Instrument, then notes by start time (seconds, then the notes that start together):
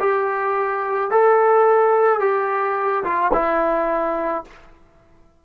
trombone
0.00 G4
1.11 A4
2.21 G4
3.05 F4
3.33 E4